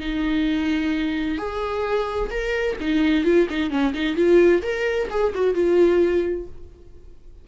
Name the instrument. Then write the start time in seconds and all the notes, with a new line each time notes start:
viola
0.00 D#4
1.38 G#4
2.31 A#4
2.80 D#4
3.24 F4
3.50 D#4
3.70 C#4
3.94 D#4
4.16 F4
4.62 A#4
5.10 G#4
5.34 F#4
5.54 F4